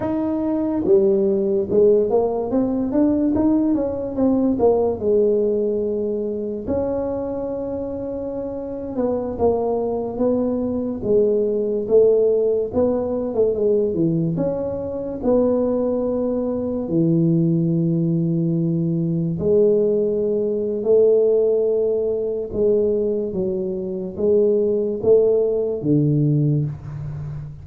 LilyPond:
\new Staff \with { instrumentName = "tuba" } { \time 4/4 \tempo 4 = 72 dis'4 g4 gis8 ais8 c'8 d'8 | dis'8 cis'8 c'8 ais8 gis2 | cis'2~ cis'8. b8 ais8.~ | ais16 b4 gis4 a4 b8. |
a16 gis8 e8 cis'4 b4.~ b16~ | b16 e2. gis8.~ | gis4 a2 gis4 | fis4 gis4 a4 d4 | }